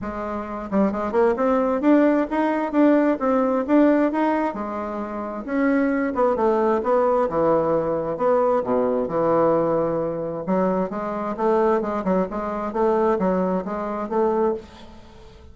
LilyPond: \new Staff \with { instrumentName = "bassoon" } { \time 4/4 \tempo 4 = 132 gis4. g8 gis8 ais8 c'4 | d'4 dis'4 d'4 c'4 | d'4 dis'4 gis2 | cis'4. b8 a4 b4 |
e2 b4 b,4 | e2. fis4 | gis4 a4 gis8 fis8 gis4 | a4 fis4 gis4 a4 | }